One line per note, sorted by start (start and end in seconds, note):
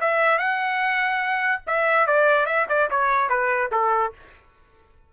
0.00 0.38 E5
0.38 1.61 F#5
1.66 2.07 E5
2.07 2.46 D5
2.46 2.66 E5
2.69 2.89 D5
2.90 3.29 C#5
3.29 3.70 B4
3.71 4.12 A4